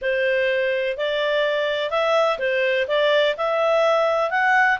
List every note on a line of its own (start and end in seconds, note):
0.01 0.97 C5
0.97 1.90 D5
1.90 2.38 E5
2.38 2.86 C5
2.87 3.35 D5
3.37 4.30 E5
4.30 4.78 F#5